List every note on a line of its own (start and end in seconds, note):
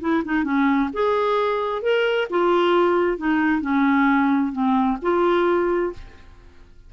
0.00 0.23 E4
0.24 0.44 D#4
0.44 0.89 C#4
0.93 1.81 G#4
1.81 2.27 A#4
2.30 3.17 F4
3.17 3.61 D#4
3.61 4.52 C#4
4.52 4.97 C4
5.01 5.92 F4